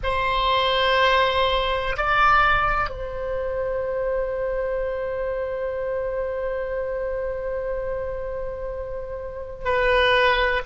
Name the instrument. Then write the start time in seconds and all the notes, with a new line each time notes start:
oboe
0.03 C5
1.97 D5
2.89 C5
9.65 B4